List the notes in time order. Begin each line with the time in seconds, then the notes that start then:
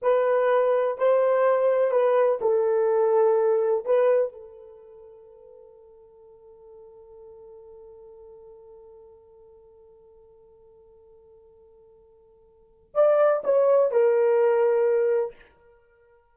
0.02 B4
0.98 C5
1.91 B4
2.41 A4
3.85 B4
4.32 A4
12.94 D5
13.43 C#5
13.91 A#4